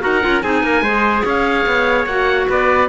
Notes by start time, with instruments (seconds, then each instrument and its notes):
0.00 cello D#4, clarinet F#4, trumpet A#4, oboe F#5
0.21 cello C#4, clarinet F4
0.42 cello C4, clarinet D#4, trumpet G#4, oboe G#5
0.63 cello A#3, trumpet A#4
0.81 cello G#3, clarinet G#4, trumpet C5
1.24 cello C#4, trumpet C#5, oboe F5
1.66 cello B3
2.06 cello A#3, clarinet F#4, oboe F#5
2.48 cello B3, trumpet B4, oboe D5